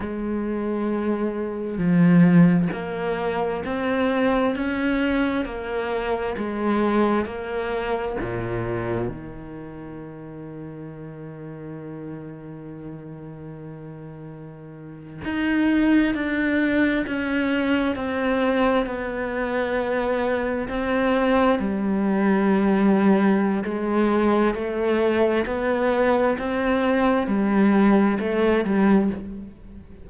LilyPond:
\new Staff \with { instrumentName = "cello" } { \time 4/4 \tempo 4 = 66 gis2 f4 ais4 | c'4 cis'4 ais4 gis4 | ais4 ais,4 dis2~ | dis1~ |
dis8. dis'4 d'4 cis'4 c'16~ | c'8. b2 c'4 g16~ | g2 gis4 a4 | b4 c'4 g4 a8 g8 | }